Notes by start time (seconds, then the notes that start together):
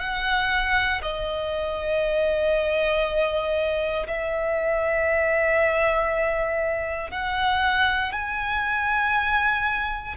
0.00 F#5
1.02 D#5
4.08 E5
7.11 F#5
8.13 G#5